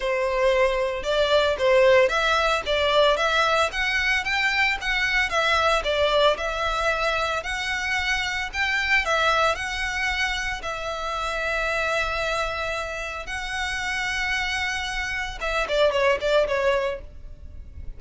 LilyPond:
\new Staff \with { instrumentName = "violin" } { \time 4/4 \tempo 4 = 113 c''2 d''4 c''4 | e''4 d''4 e''4 fis''4 | g''4 fis''4 e''4 d''4 | e''2 fis''2 |
g''4 e''4 fis''2 | e''1~ | e''4 fis''2.~ | fis''4 e''8 d''8 cis''8 d''8 cis''4 | }